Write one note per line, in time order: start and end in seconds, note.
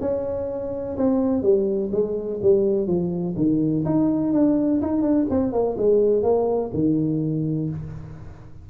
0.00 0.96 C#4
0.97 1.42 C4
1.42 1.90 G3
1.92 2.40 G#3
2.41 2.86 G3
2.86 3.34 F3
3.36 3.84 D#3
3.85 4.32 D#4
4.32 4.80 D4
4.81 5.02 D#4
5.02 5.26 D4
5.30 5.52 C4
5.52 5.76 A#3
5.77 6.22 G#3
6.22 6.70 A#3
6.73 7.69 D#3